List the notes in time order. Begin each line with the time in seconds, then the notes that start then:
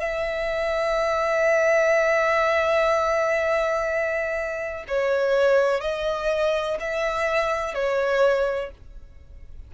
0.00 E5
4.87 C#5
5.80 D#5
6.79 E5
7.74 C#5